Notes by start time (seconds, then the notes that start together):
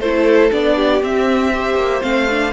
0.00 A3 E4 A4 C5
0.51 B3 D4 D5
0.76 G4
1.02 C4 E5
1.53 G4 C5
1.75 A#3
2.02 A3 C4 F5
2.30 D4